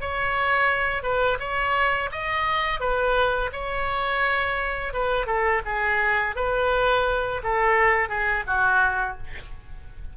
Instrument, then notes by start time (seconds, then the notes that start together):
oboe
0.00 C#5
1.03 B4
1.39 C#5
2.11 D#5
2.80 B4
3.52 C#5
4.93 B4
5.26 A4
5.65 G#4
6.36 B4
7.43 A4
8.09 G#4
8.46 F#4